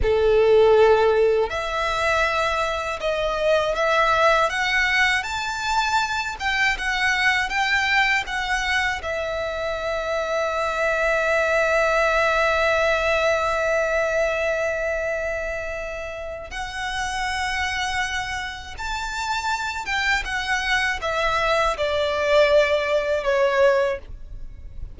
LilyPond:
\new Staff \with { instrumentName = "violin" } { \time 4/4 \tempo 4 = 80 a'2 e''2 | dis''4 e''4 fis''4 a''4~ | a''8 g''8 fis''4 g''4 fis''4 | e''1~ |
e''1~ | e''2 fis''2~ | fis''4 a''4. g''8 fis''4 | e''4 d''2 cis''4 | }